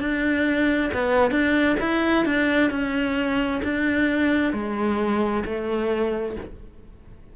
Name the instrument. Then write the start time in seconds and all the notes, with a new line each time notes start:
cello
0.00 D4
0.93 B3
1.31 D4
1.80 E4
2.25 D4
2.71 C#4
3.63 D4
4.53 G#3
5.45 A3